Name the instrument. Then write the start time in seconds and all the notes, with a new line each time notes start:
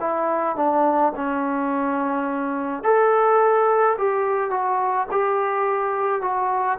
trombone
0.00 E4
0.56 D4
1.16 C#4
2.84 A4
3.98 G4
4.50 F#4
5.11 G4
6.21 F#4